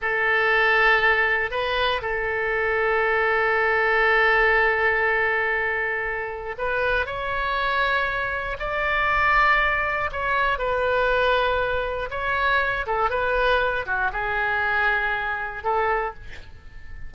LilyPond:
\new Staff \with { instrumentName = "oboe" } { \time 4/4 \tempo 4 = 119 a'2. b'4 | a'1~ | a'1~ | a'4 b'4 cis''2~ |
cis''4 d''2. | cis''4 b'2. | cis''4. a'8 b'4. fis'8 | gis'2. a'4 | }